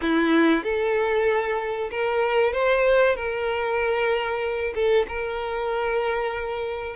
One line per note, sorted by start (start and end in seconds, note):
0.01 0.63 E4
0.63 1.89 A4
1.90 2.53 A#4
2.53 3.16 C5
3.16 4.73 A#4
4.74 5.06 A4
5.08 6.96 A#4